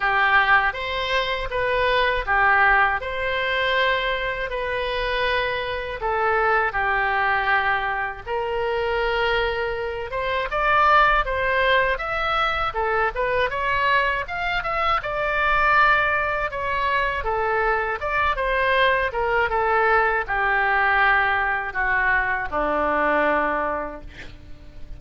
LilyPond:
\new Staff \with { instrumentName = "oboe" } { \time 4/4 \tempo 4 = 80 g'4 c''4 b'4 g'4 | c''2 b'2 | a'4 g'2 ais'4~ | ais'4. c''8 d''4 c''4 |
e''4 a'8 b'8 cis''4 f''8 e''8 | d''2 cis''4 a'4 | d''8 c''4 ais'8 a'4 g'4~ | g'4 fis'4 d'2 | }